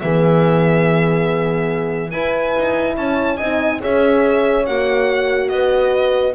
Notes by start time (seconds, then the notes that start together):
0.00 E3 B3 G#4 E5
2.10 E4 B4 G#5
2.58 D#4
2.96 C#4 C#5 A5
3.37 C4 D#4 D#5 G#5
3.80 C#4 G#4 C#5 E5
4.66 A#3 F#4 F#5
5.49 B3 D#5
5.55 B4